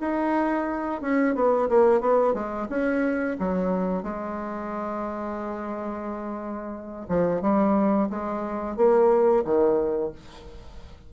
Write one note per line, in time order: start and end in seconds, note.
0.00 1.01 D#4
1.01 1.35 C#4
1.35 1.68 B3
1.69 2.00 A#3
2.00 2.34 B3
2.34 2.67 G#3
2.69 3.36 C#4
3.39 4.03 F#3
4.03 7.06 G#3
7.08 7.41 F3
7.41 8.08 G3
8.10 8.76 G#3
8.76 9.44 A#3
9.44 10.12 D#3